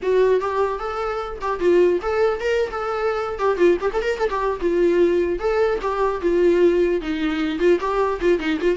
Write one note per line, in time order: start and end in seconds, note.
0.02 0.40 F#4
0.40 0.79 G4
0.79 1.39 A4
1.41 1.59 G4
1.59 1.99 F4
2.01 2.39 A4
2.39 2.69 A#4
2.70 3.38 A4
3.38 3.57 G4
3.57 3.77 F4
3.81 3.91 G4
3.93 4.01 A4
4.01 4.19 A#4
4.19 4.29 A4
4.29 4.59 G4
4.60 5.39 F4
5.39 5.79 A4
5.81 6.21 G4
6.21 7.01 F4
7.01 7.59 D#4
7.59 7.79 F4
7.79 8.19 G4
8.21 8.39 F4
8.39 8.59 D#4
8.60 8.77 F4